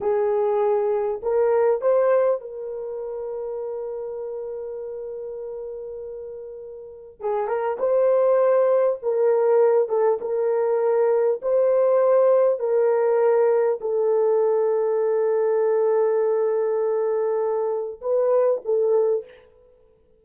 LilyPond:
\new Staff \with { instrumentName = "horn" } { \time 4/4 \tempo 4 = 100 gis'2 ais'4 c''4 | ais'1~ | ais'1 | gis'8 ais'8 c''2 ais'4~ |
ais'8 a'8 ais'2 c''4~ | c''4 ais'2 a'4~ | a'1~ | a'2 b'4 a'4 | }